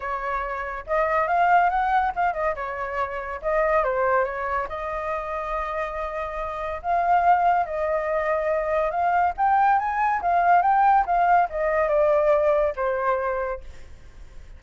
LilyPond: \new Staff \with { instrumentName = "flute" } { \time 4/4 \tempo 4 = 141 cis''2 dis''4 f''4 | fis''4 f''8 dis''8 cis''2 | dis''4 c''4 cis''4 dis''4~ | dis''1 |
f''2 dis''2~ | dis''4 f''4 g''4 gis''4 | f''4 g''4 f''4 dis''4 | d''2 c''2 | }